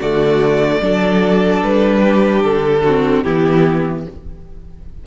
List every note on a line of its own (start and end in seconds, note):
0.00 0.80 D3
0.00 0.82 A3
0.00 0.81 F#4
0.00 1.63 D5
0.80 1.61 F#3
0.80 2.85 D4
0.80 2.00 A4
1.63 2.44 G3
1.63 2.43 B4
2.00 2.81 G4
2.43 3.25 D3
2.43 3.23 A4
2.84 3.25 C4
2.84 3.24 F#4
3.23 4.07 E3
3.23 4.06 B3
3.23 4.05 E4
3.23 4.04 G4